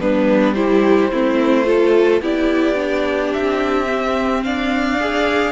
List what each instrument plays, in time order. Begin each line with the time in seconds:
0.00 cello G3, viola B3, violin D4 B4
0.55 viola E4, violin G4 C5
1.12 cello A3, viola C4, violin E4
1.65 viola F4, violin A4
2.22 cello B3, viola E4, violin G4 D5
2.75 viola D4
3.33 cello C4, violin E5
3.87 viola C4
4.44 cello D4, violin D5 F5
5.00 viola G#4